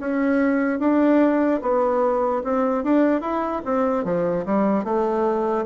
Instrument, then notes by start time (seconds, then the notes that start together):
bassoon
0.00 C#4
0.80 D4
1.62 B3
2.44 C4
2.84 D4
3.22 E4
3.66 C4
4.05 F3
4.46 G3
4.85 A3